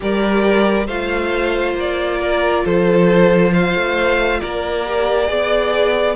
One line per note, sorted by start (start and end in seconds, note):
0.00 0.88 G3
0.00 0.88 G4
0.00 0.86 A#4
0.00 0.87 D5
0.86 1.74 A3
0.86 4.85 F4
0.86 2.18 C5
0.86 1.75 F5
1.74 2.62 A#3
1.74 2.65 D5
2.19 2.63 A#4
2.64 3.74 F3
2.64 3.52 A4
2.64 3.53 C5
3.52 4.40 C5
3.52 4.40 F5
3.74 4.40 A3
4.40 5.29 A#3
4.40 5.28 A#4
4.40 6.15 D5
4.85 5.27 G4
5.27 6.15 B3
5.27 6.15 G#4
5.27 6.15 D5